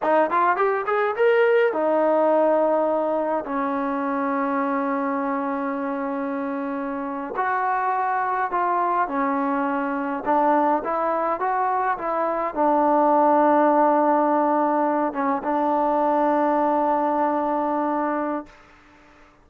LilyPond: \new Staff \with { instrumentName = "trombone" } { \time 4/4 \tempo 4 = 104 dis'8 f'8 g'8 gis'8 ais'4 dis'4~ | dis'2 cis'2~ | cis'1~ | cis'8. fis'2 f'4 cis'16~ |
cis'4.~ cis'16 d'4 e'4 fis'16~ | fis'8. e'4 d'2~ d'16~ | d'2~ d'16 cis'8 d'4~ d'16~ | d'1 | }